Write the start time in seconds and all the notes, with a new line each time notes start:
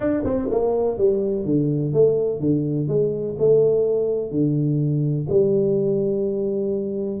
0.00 D4
0.24 C4
0.50 A#3
0.97 G3
1.45 D3
1.93 A3
2.40 D3
2.88 G#3
3.38 A3
4.30 D3
5.29 G3